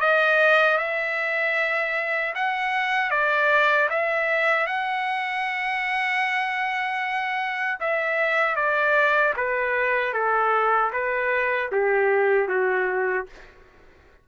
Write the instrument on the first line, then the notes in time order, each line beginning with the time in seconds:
trumpet
0.00 D#5
0.78 E5
2.34 F#5
3.10 D5
3.90 E5
4.66 F#5
7.80 E5
8.55 D5
9.36 B4
10.13 A4
10.93 B4
11.71 G4
12.48 F#4